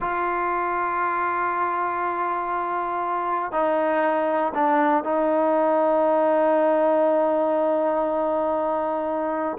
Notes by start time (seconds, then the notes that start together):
0.00 F4
3.52 D#4
4.54 D4
5.04 D#4